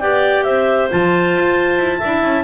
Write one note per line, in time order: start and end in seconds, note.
0.00 0.46 B3
0.00 0.90 G4
0.00 0.45 D5
0.00 0.44 G5
0.44 0.91 C4
0.44 1.99 C5
0.44 0.89 E5
0.90 1.37 F3
0.90 2.02 F4
0.90 2.44 A5
1.37 1.78 F4
1.78 2.00 E4
1.99 2.24 D4
1.99 2.44 E4
1.99 2.44 E5
2.24 2.44 C#4